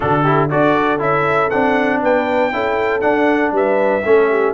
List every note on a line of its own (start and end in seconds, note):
0.00 0.52 D3
0.00 0.24 D4
0.00 0.22 F#4
0.00 0.49 A4
0.22 0.49 E4
0.22 0.48 G4
0.50 1.00 D4
0.50 0.98 F#4
0.50 2.01 A4
0.50 1.01 D5
0.98 1.51 C#4
0.98 1.49 E4
0.98 1.49 E5
1.49 2.02 C4
1.49 2.52 D4
1.49 2.00 F#5
2.02 2.52 B3
2.02 2.53 B4
2.02 3.00 G5
2.52 3.02 C#4
2.52 3.01 E4
2.52 3.54 A4
3.00 4.02 D4
3.00 3.51 D4
3.00 3.51 F#5
3.51 4.02 G3
3.51 4.04 B4
3.51 4.54 E5
4.04 4.54 A3
4.04 4.54 C#4
4.04 4.29 A4
4.29 4.54 G4